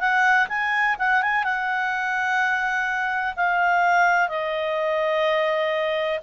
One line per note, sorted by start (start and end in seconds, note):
0.00 0.48 F#5
0.49 0.97 G#5
0.99 1.23 F#5
1.23 1.44 G#5
1.44 3.34 F#5
3.36 4.29 F5
4.29 6.19 D#5